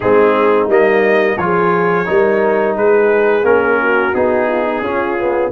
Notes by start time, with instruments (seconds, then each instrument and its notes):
0.00 tuba G#3, trombone C4, horn D#4, trumpet G#4
0.68 tuba G3, trombone A#3, trumpet D#5
1.37 tuba F3, trombone F4, horn G#4, trumpet C#5
2.05 tuba G3, trombone D#4, horn A#4
2.76 tuba G#3, horn G#4, trumpet B4
3.42 tuba A#3, trombone C#4, trumpet A#4
3.81 horn F#4
4.14 tuba B3, trombone D#4, trumpet G#4
4.47 horn F4
4.65 horn D#4
4.81 tuba C#4, trombone C#4, horn F4
5.18 trombone B3